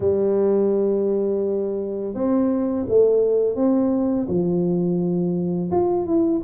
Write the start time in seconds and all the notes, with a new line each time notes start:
0.00 G3
2.14 C4
2.88 A3
3.55 C4
4.28 F3
5.71 F4
6.06 E4